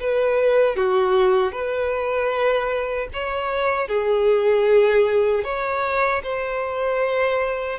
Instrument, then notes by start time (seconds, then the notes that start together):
violin
0.00 B4
0.76 F#4
1.52 B4
3.13 C#5
3.88 G#4
5.44 C#5
6.23 C5